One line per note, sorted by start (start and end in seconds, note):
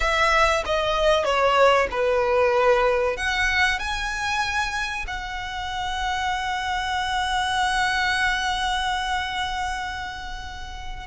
0.00 0.63 E5
0.65 1.24 D#5
1.24 1.87 C#5
1.90 3.16 B4
3.16 3.79 F#5
3.79 5.05 G#5
5.07 11.06 F#5